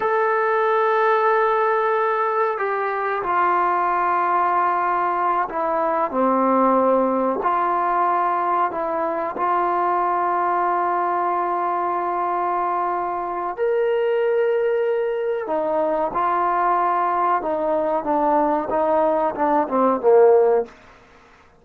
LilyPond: \new Staff \with { instrumentName = "trombone" } { \time 4/4 \tempo 4 = 93 a'1 | g'4 f'2.~ | f'8 e'4 c'2 f'8~ | f'4. e'4 f'4.~ |
f'1~ | f'4 ais'2. | dis'4 f'2 dis'4 | d'4 dis'4 d'8 c'8 ais4 | }